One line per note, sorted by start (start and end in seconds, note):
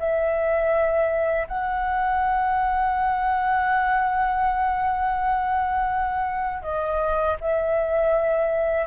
0.00 1.48 E5
1.48 6.63 F#5
6.63 7.37 D#5
7.41 8.87 E5